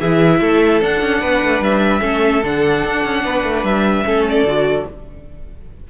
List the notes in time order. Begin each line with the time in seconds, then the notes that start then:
0.00 E3 E4 G#4 E5
0.41 A3 A4
0.82 D4 F#5
1.02 C#4
1.21 B3 B4
1.43 A3
1.60 G3 E5
2.01 A3 C#4 A4
2.43 D3 D4 F#5
2.85 D4
3.05 C#4
3.24 B3 B4
3.44 A3
3.64 G3 E5
4.06 A3 C#4 A4
4.29 D5
4.43 D3 F#4